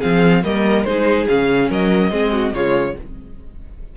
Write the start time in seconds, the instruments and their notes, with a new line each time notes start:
0.00 cello F3, viola C4, violin G#4 F5
0.44 cello G3, viola A#3, violin A#4 D#5
0.84 cello G#3, viola D#4, violin G#4 C5
1.28 cello C#3, viola C#4, violin F5
1.70 cello F#3, violin A#4 D#5
2.11 cello G#3, viola C4, violin G#4
2.33 violin F#4
2.54 cello C#3, viola G#3, violin F4 C#5